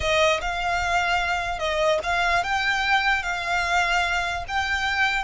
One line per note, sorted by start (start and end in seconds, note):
0.00 0.40 D#5
0.41 1.58 F5
1.58 1.99 D#5
2.03 2.43 F5
2.43 3.22 G5
3.22 4.44 F5
4.47 5.24 G5